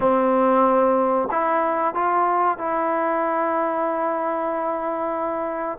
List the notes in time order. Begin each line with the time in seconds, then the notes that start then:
0.00 C4
1.31 E4
1.94 F4
2.58 E4